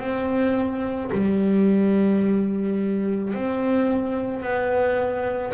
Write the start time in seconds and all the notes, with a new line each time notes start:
0.00 C4
1.12 G3
3.34 C4
4.42 B3